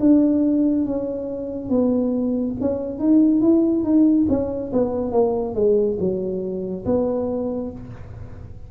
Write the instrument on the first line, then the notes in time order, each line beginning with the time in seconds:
tuba
0.00 D4
0.86 C#4
1.70 B3
2.61 C#4
2.99 D#4
3.41 E4
3.84 D#4
4.29 C#4
4.73 B3
5.12 A#3
5.55 G#3
6.00 F#3
6.86 B3